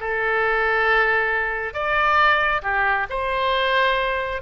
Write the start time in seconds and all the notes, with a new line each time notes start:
0.00 A4
1.74 D5
2.63 G4
3.10 C5